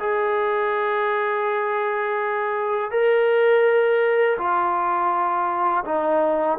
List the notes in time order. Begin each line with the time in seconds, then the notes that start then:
0.00 G#4
2.91 A#4
4.39 F4
5.86 D#4